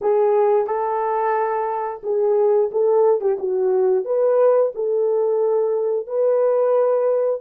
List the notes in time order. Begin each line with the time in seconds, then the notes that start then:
0.01 G#4
0.66 A4
2.03 G#4
2.71 A4
3.21 G4
3.39 F#4
4.04 B4
4.74 A4
6.06 B4